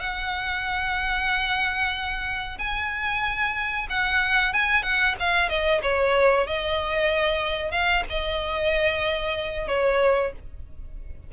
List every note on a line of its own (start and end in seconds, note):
0.00 2.58 F#5
2.59 3.88 G#5
3.90 4.54 F#5
4.54 4.83 G#5
4.83 5.15 F#5
5.20 5.49 F5
5.49 5.82 D#5
5.83 6.47 C#5
6.47 7.72 D#5
7.72 8.04 F5
8.10 9.68 D#5
9.68 10.33 C#5